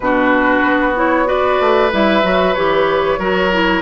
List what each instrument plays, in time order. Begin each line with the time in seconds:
0.00 bassoon B2, clarinet D4, oboe F#4, flute B4
0.63 bassoon B3
0.96 clarinet E4, flute C#5
1.25 clarinet F#4, oboe B4, flute D5
1.60 bassoon A3
1.91 bassoon G3, clarinet E4, flute E5
2.22 bassoon F#3, clarinet F#4
2.54 bassoon E3, clarinet G4, flute C#5
3.18 bassoon F#3, clarinet F#4, oboe A#4
3.51 clarinet E4